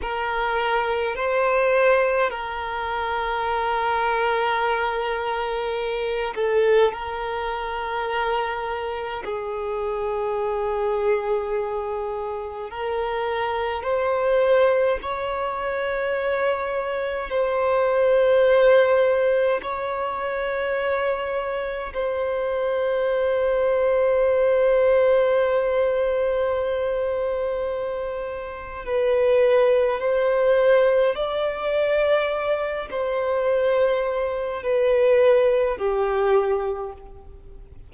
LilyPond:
\new Staff \with { instrumentName = "violin" } { \time 4/4 \tempo 4 = 52 ais'4 c''4 ais'2~ | ais'4. a'8 ais'2 | gis'2. ais'4 | c''4 cis''2 c''4~ |
c''4 cis''2 c''4~ | c''1~ | c''4 b'4 c''4 d''4~ | d''8 c''4. b'4 g'4 | }